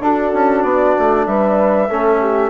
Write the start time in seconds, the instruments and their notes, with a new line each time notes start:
0.00 bassoon D4, trombone D4, horn F#4, flute A4
0.33 bassoon C#4
0.62 bassoon B3, flute D5
0.99 bassoon A3
1.26 bassoon G3, horn B4, flute E5
1.88 bassoon A3, trombone C#4, horn A4
2.20 horn G4